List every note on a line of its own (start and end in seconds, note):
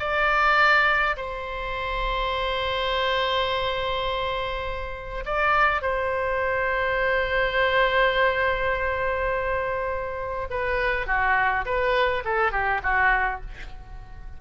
0.00 1.17 D5
1.17 5.25 C5
5.26 5.82 D5
5.82 10.48 C5
10.51 11.07 B4
11.07 11.65 F#4
11.66 12.24 B4
12.25 12.52 A4
12.52 12.81 G4
12.83 13.41 F#4